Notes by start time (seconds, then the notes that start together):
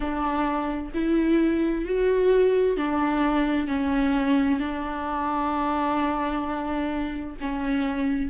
0.00 D4
0.94 E4
1.85 F#4
2.77 D4
3.67 C#4
4.59 D4
7.41 C#4